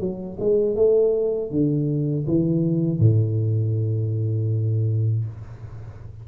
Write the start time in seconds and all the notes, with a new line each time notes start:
0.00 F#3
0.40 G#3
0.76 A3
1.51 D3
2.27 E3
3.00 A2